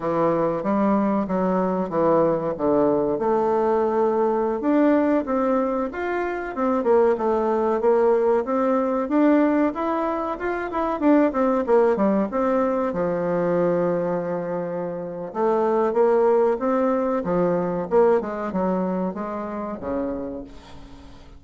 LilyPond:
\new Staff \with { instrumentName = "bassoon" } { \time 4/4 \tempo 4 = 94 e4 g4 fis4 e4 | d4 a2~ a16 d'8.~ | d'16 c'4 f'4 c'8 ais8 a8.~ | a16 ais4 c'4 d'4 e'8.~ |
e'16 f'8 e'8 d'8 c'8 ais8 g8 c'8.~ | c'16 f2.~ f8. | a4 ais4 c'4 f4 | ais8 gis8 fis4 gis4 cis4 | }